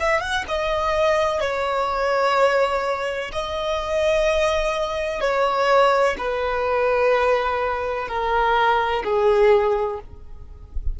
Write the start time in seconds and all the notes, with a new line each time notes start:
0.00 E5
0.21 F#5
0.48 D#5
1.41 C#5
3.33 D#5
5.21 C#5
6.18 B4
8.08 A#4
9.04 G#4